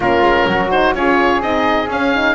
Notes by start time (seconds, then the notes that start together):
0.00 A#3 C#4 F4 A#4
0.21 G#3
0.47 F#3 F#4
0.70 D#4 C5
0.94 C#4 F4 G#4 C#5
1.41 C4 D#4 D#5
1.87 C#4 F5
2.13 D#4